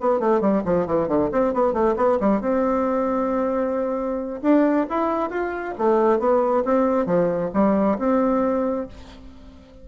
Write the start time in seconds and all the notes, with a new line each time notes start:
0.00 B3
0.20 A3
0.40 G3
0.65 F3
0.86 E3
1.08 D3
1.31 C4
1.53 B3
1.73 A3
1.96 B3
2.20 G3
2.40 C4
4.42 D4
4.89 E4
5.30 F4
5.78 A3
6.19 B3
6.64 C4
7.06 F3
7.53 G3
7.98 C4